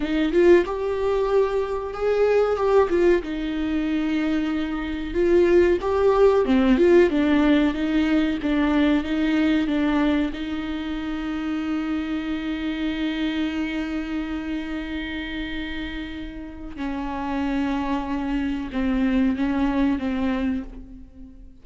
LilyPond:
\new Staff \with { instrumentName = "viola" } { \time 4/4 \tempo 4 = 93 dis'8 f'8 g'2 gis'4 | g'8 f'8 dis'2. | f'4 g'4 c'8 f'8 d'4 | dis'4 d'4 dis'4 d'4 |
dis'1~ | dis'1~ | dis'2 cis'2~ | cis'4 c'4 cis'4 c'4 | }